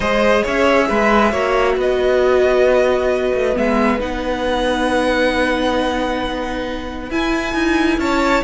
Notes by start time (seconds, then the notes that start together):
0.00 G#3 G#4 C5 D#5
0.43 C#4 C#5 E5
0.89 G#3 B4
1.31 A#3 F#4 C#5
1.75 B3 B4 D#5
3.34 A3
3.54 G#3 B3 E5
3.99 B3 D#4 F#5
7.09 E4 G#5
7.54 D#4
7.98 C#4 C#5 A5